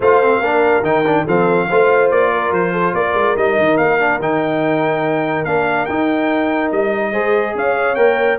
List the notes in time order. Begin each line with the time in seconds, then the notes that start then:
0.00 A3 F4 C5 F5
0.22 C4
0.39 A#3 D4 A#4
0.81 D#3 D#4 G5
1.05 D4
1.24 F3 C4 A4 F5
1.69 A3 F4 C5
2.10 A#3 D5
2.31 A#4
2.51 F3 C5
2.72 A4
2.93 A#3 A#4 D5
3.14 G#3
3.36 G3 D#4 D#5
3.58 D#3
3.77 A#3 F5
3.99 D4
4.19 D#3 D#4 G5
5.44 A#3 D4 F5
5.85 D#4 G5
6.71 G3 D#5
7.11 G#3 G#4 C5
7.54 C#4 C#5 F5
7.95 A#3 A#4 G5